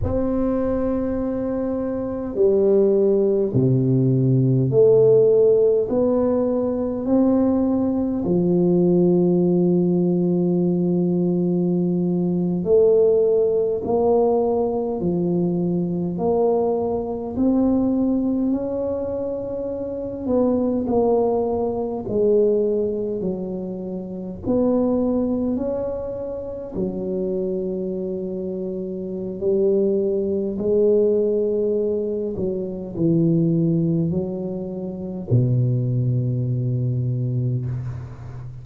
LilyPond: \new Staff \with { instrumentName = "tuba" } { \time 4/4 \tempo 4 = 51 c'2 g4 c4 | a4 b4 c'4 f4~ | f2~ f8. a4 ais16~ | ais8. f4 ais4 c'4 cis'16~ |
cis'4~ cis'16 b8 ais4 gis4 fis16~ | fis8. b4 cis'4 fis4~ fis16~ | fis4 g4 gis4. fis8 | e4 fis4 b,2 | }